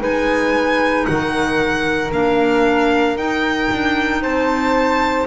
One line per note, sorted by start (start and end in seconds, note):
0.00 1.07 G#3
0.00 2.11 D#4
0.00 1.06 B4
0.00 1.06 G#5
1.06 2.12 D#3
1.06 4.22 A#4
1.06 2.11 F#5
2.12 3.16 A#3
2.12 3.17 D4
2.12 3.18 F5
3.16 3.69 D#4
3.16 5.27 D#4
3.16 4.23 G5
3.72 4.23 D4
4.22 5.27 C4
4.22 5.27 C5
4.22 5.27 A5